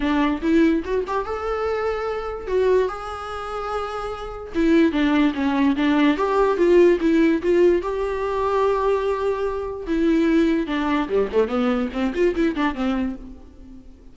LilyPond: \new Staff \with { instrumentName = "viola" } { \time 4/4 \tempo 4 = 146 d'4 e'4 fis'8 g'8 a'4~ | a'2 fis'4 gis'4~ | gis'2. e'4 | d'4 cis'4 d'4 g'4 |
f'4 e'4 f'4 g'4~ | g'1 | e'2 d'4 g8 a8 | b4 c'8 f'8 e'8 d'8 c'4 | }